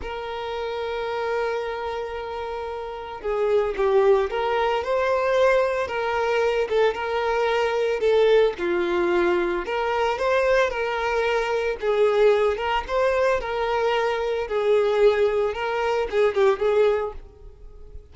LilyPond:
\new Staff \with { instrumentName = "violin" } { \time 4/4 \tempo 4 = 112 ais'1~ | ais'2 gis'4 g'4 | ais'4 c''2 ais'4~ | ais'8 a'8 ais'2 a'4 |
f'2 ais'4 c''4 | ais'2 gis'4. ais'8 | c''4 ais'2 gis'4~ | gis'4 ais'4 gis'8 g'8 gis'4 | }